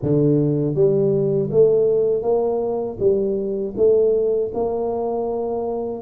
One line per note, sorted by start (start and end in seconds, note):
0.02 0.74 D3
0.74 1.49 G3
1.50 2.22 A3
2.22 2.97 A#3
2.99 3.74 G3
3.76 4.51 A3
4.54 6.01 A#3